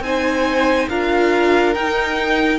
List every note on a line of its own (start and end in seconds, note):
0.00 0.86 C4
0.00 0.90 D#4
0.00 0.89 C5
0.00 0.88 G#5
0.89 1.75 D4
0.89 1.75 F4
0.89 2.58 A#4
0.89 1.74 F5
1.74 2.58 D#4
1.74 2.58 G5